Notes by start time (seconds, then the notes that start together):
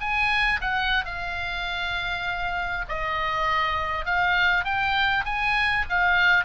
0.00 G#5
0.61 F#5
1.05 F5
2.89 D#5
4.06 F5
4.64 G5
5.25 G#5
5.89 F5